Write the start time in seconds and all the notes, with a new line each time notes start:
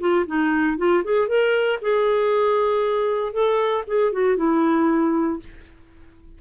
0.00 F4
0.27 D#4
0.78 F4
1.04 G#4
1.28 A#4
1.82 G#4
3.33 A4
3.87 G#4
4.13 F#4
4.37 E4